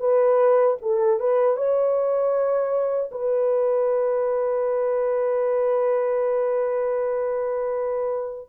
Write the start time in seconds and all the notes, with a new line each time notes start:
0.00 B4
0.82 A4
1.20 B4
1.57 C#5
3.12 B4